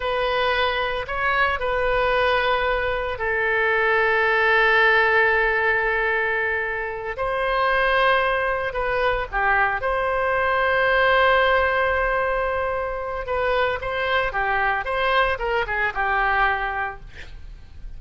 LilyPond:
\new Staff \with { instrumentName = "oboe" } { \time 4/4 \tempo 4 = 113 b'2 cis''4 b'4~ | b'2 a'2~ | a'1~ | a'4. c''2~ c''8~ |
c''8 b'4 g'4 c''4.~ | c''1~ | c''4 b'4 c''4 g'4 | c''4 ais'8 gis'8 g'2 | }